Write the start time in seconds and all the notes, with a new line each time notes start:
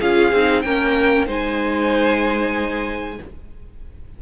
0.00 C#4 F4 G#4 F5
0.33 C4 D#4
0.62 A#3 C#4 A#4 G5
1.26 G#3 D#4 C5 G#5